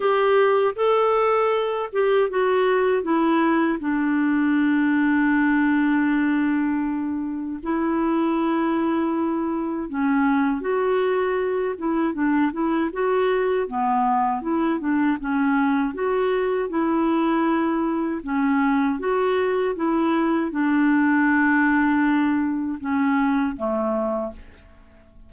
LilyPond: \new Staff \with { instrumentName = "clarinet" } { \time 4/4 \tempo 4 = 79 g'4 a'4. g'8 fis'4 | e'4 d'2.~ | d'2 e'2~ | e'4 cis'4 fis'4. e'8 |
d'8 e'8 fis'4 b4 e'8 d'8 | cis'4 fis'4 e'2 | cis'4 fis'4 e'4 d'4~ | d'2 cis'4 a4 | }